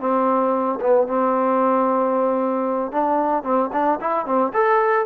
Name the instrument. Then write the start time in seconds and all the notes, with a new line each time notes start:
trombone
0.00 C4
0.81 B3
1.08 C4
2.92 D4
3.44 C4
3.73 D4
4.01 E4
4.26 C4
4.53 A4